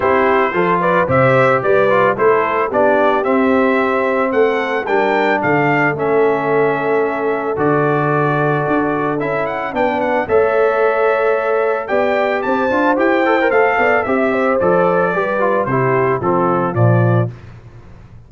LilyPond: <<
  \new Staff \with { instrumentName = "trumpet" } { \time 4/4 \tempo 4 = 111 c''4. d''8 e''4 d''4 | c''4 d''4 e''2 | fis''4 g''4 f''4 e''4~ | e''2 d''2~ |
d''4 e''8 fis''8 g''8 fis''8 e''4~ | e''2 g''4 a''4 | g''4 f''4 e''4 d''4~ | d''4 c''4 a'4 d''4 | }
  \new Staff \with { instrumentName = "horn" } { \time 4/4 g'4 a'8 b'8 c''4 b'4 | a'4 g'2. | a'4 ais'4 a'2~ | a'1~ |
a'2 b'4 cis''4~ | cis''2 d''4 c''4~ | c''4. d''8 e''8 c''4. | b'4 g'4 f'2 | }
  \new Staff \with { instrumentName = "trombone" } { \time 4/4 e'4 f'4 g'4. f'8 | e'4 d'4 c'2~ | c'4 d'2 cis'4~ | cis'2 fis'2~ |
fis'4 e'4 d'4 a'4~ | a'2 g'4. f'8 | g'8 a'16 ais'16 a'4 g'4 a'4 | g'8 f'8 e'4 c'4 f4 | }
  \new Staff \with { instrumentName = "tuba" } { \time 4/4 c'4 f4 c4 g4 | a4 b4 c'2 | a4 g4 d4 a4~ | a2 d2 |
d'4 cis'4 b4 a4~ | a2 b4 c'8 d'8 | e'4 a8 b8 c'4 f4 | g4 c4 f4 ais,4 | }
>>